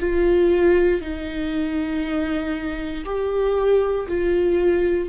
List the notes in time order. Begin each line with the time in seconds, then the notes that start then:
0.00 F4
1.02 D#4
3.06 G4
4.08 F4